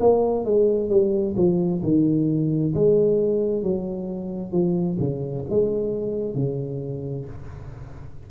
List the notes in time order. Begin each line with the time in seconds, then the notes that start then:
0.00 A#3
0.45 G#3
0.90 G3
1.36 F3
1.83 D#3
2.75 G#3
3.63 F#3
4.52 F3
5.00 C#3
5.50 G#3
6.35 C#3